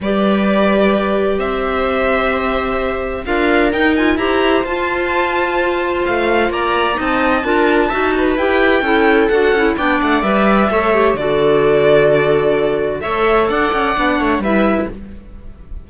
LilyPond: <<
  \new Staff \with { instrumentName = "violin" } { \time 4/4 \tempo 4 = 129 d''2. e''4~ | e''2. f''4 | g''8 gis''8 ais''4 a''2~ | a''4 f''4 ais''4 a''4~ |
a''2 g''2 | fis''4 g''8 fis''8 e''2 | d''1 | e''4 fis''2 e''4 | }
  \new Staff \with { instrumentName = "viola" } { \time 4/4 b'2. c''4~ | c''2. ais'4~ | ais'4 c''2.~ | c''2 d''4 dis''4 |
ais'4 e''8 b'4. a'4~ | a'4 d''2 cis''4 | a'1 | cis''4 d''4. cis''8 b'4 | }
  \new Staff \with { instrumentName = "clarinet" } { \time 4/4 g'1~ | g'2. f'4 | dis'8 f'8 g'4 f'2~ | f'2. dis'4 |
f'4 fis'4 g'4 e'4 | fis'8 e'8 d'4 b'4 a'8 g'8 | fis'1 | a'2 d'4 e'4 | }
  \new Staff \with { instrumentName = "cello" } { \time 4/4 g2. c'4~ | c'2. d'4 | dis'4 e'4 f'2~ | f'4 a4 ais4 c'4 |
d'4 dis'4 e'4 cis'4 | d'8 cis'8 b8 a8 g4 a4 | d1 | a4 d'8 cis'8 b8 a8 g4 | }
>>